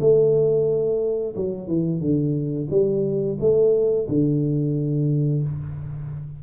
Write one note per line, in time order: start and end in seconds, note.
0.00 1.35 A3
1.36 1.68 F#3
1.68 2.00 E3
2.00 2.68 D3
2.71 3.38 G3
3.40 4.08 A3
4.08 5.43 D3